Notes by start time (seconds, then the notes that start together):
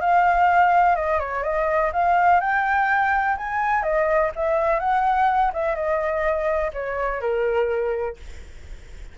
0.00 F5
0.95 D#5
1.19 C#5
1.43 D#5
1.92 F5
2.40 G5
3.37 G#5
3.83 D#5
4.35 E5
4.79 F#5
5.53 E5
5.75 D#5
6.73 C#5
7.20 A#4